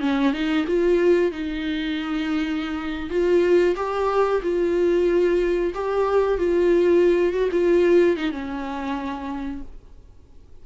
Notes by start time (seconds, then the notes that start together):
0.00 C#4
0.32 D#4
0.67 F4
1.32 D#4
3.10 F4
3.76 G4
4.42 F4
5.74 G4
6.38 F4
7.33 F#4
7.51 F4
8.16 D#4
8.31 C#4